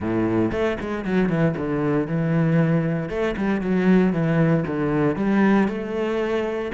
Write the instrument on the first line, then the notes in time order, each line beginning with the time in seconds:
cello
0.00 A2
0.51 A3
0.80 G#3
1.05 F#3
1.29 E3
1.57 D3
2.07 E3
3.09 A3
3.36 G3
3.61 F#3
4.12 E3
4.66 D3
5.16 G3
5.68 A3